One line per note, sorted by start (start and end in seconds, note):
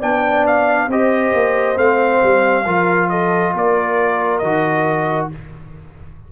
0.00 0.88 B3
0.00 0.90 D4
0.00 0.88 D5
0.00 0.46 G5
0.47 0.91 F5
0.88 1.32 C4
0.88 1.76 G4
0.88 2.65 C5
0.88 1.78 D#5
1.34 1.77 A#3
1.76 2.21 A3
1.76 2.65 C4
1.76 3.09 F5
2.23 2.66 G3
2.65 3.54 F3
2.65 4.43 F4
2.65 3.09 A#4
3.09 3.54 A4
3.09 3.53 D#5
3.54 4.42 A#3
3.54 5.32 A#4
3.54 4.38 D5
4.38 5.31 D#3
4.38 5.32 F#4
4.38 5.26 D#5